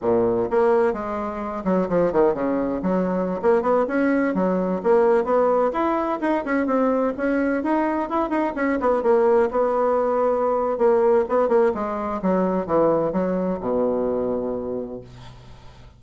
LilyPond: \new Staff \with { instrumentName = "bassoon" } { \time 4/4 \tempo 4 = 128 ais,4 ais4 gis4. fis8 | f8 dis8 cis4 fis4~ fis16 ais8 b16~ | b16 cis'4 fis4 ais4 b8.~ | b16 e'4 dis'8 cis'8 c'4 cis'8.~ |
cis'16 dis'4 e'8 dis'8 cis'8 b8 ais8.~ | ais16 b2~ b8. ais4 | b8 ais8 gis4 fis4 e4 | fis4 b,2. | }